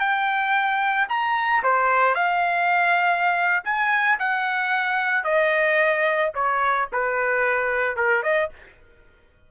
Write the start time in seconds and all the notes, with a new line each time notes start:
0.00 G5
1.09 A#5
1.64 C5
2.15 F5
3.65 G#5
4.20 F#5
5.24 D#5
6.35 C#5
6.93 B4
7.97 A#4
8.23 D#5